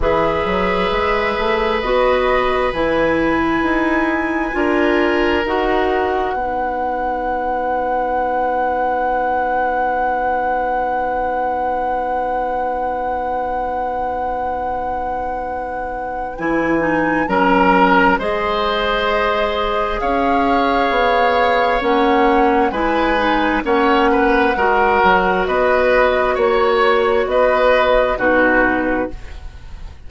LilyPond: <<
  \new Staff \with { instrumentName = "flute" } { \time 4/4 \tempo 4 = 66 e''2 dis''4 gis''4~ | gis''2 fis''2~ | fis''1~ | fis''1~ |
fis''2 gis''4 ais''4 | dis''2 f''2 | fis''4 gis''4 fis''2 | dis''4 cis''4 dis''4 b'4 | }
  \new Staff \with { instrumentName = "oboe" } { \time 4/4 b'1~ | b'4 ais'2 b'4~ | b'1~ | b'1~ |
b'2. ais'4 | c''2 cis''2~ | cis''4 b'4 cis''8 b'8 ais'4 | b'4 cis''4 b'4 fis'4 | }
  \new Staff \with { instrumentName = "clarinet" } { \time 4/4 gis'2 fis'4 e'4~ | e'4 f'4 fis'4 dis'4~ | dis'1~ | dis'1~ |
dis'2 e'8 dis'8 cis'4 | gis'1 | cis'4 e'8 dis'8 cis'4 fis'4~ | fis'2. dis'4 | }
  \new Staff \with { instrumentName = "bassoon" } { \time 4/4 e8 fis8 gis8 a8 b4 e4 | dis'4 d'4 dis'4 b4~ | b1~ | b1~ |
b2 e4 fis4 | gis2 cis'4 b4 | ais4 gis4 ais4 gis8 fis8 | b4 ais4 b4 b,4 | }
>>